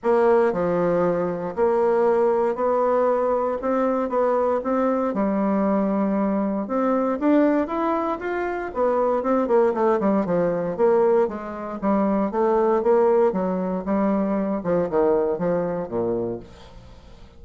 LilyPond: \new Staff \with { instrumentName = "bassoon" } { \time 4/4 \tempo 4 = 117 ais4 f2 ais4~ | ais4 b2 c'4 | b4 c'4 g2~ | g4 c'4 d'4 e'4 |
f'4 b4 c'8 ais8 a8 g8 | f4 ais4 gis4 g4 | a4 ais4 fis4 g4~ | g8 f8 dis4 f4 ais,4 | }